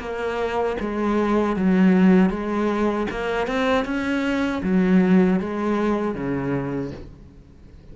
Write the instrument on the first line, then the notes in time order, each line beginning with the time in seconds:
cello
0.00 A#3
0.81 G#3
1.57 F#3
2.30 G#3
3.11 A#3
3.47 C4
3.85 C#4
4.63 F#3
5.40 G#3
6.15 C#3